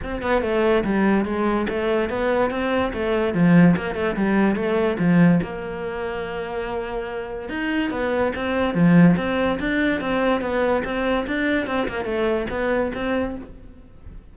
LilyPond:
\new Staff \with { instrumentName = "cello" } { \time 4/4 \tempo 4 = 144 c'8 b8 a4 g4 gis4 | a4 b4 c'4 a4 | f4 ais8 a8 g4 a4 | f4 ais2.~ |
ais2 dis'4 b4 | c'4 f4 c'4 d'4 | c'4 b4 c'4 d'4 | c'8 ais8 a4 b4 c'4 | }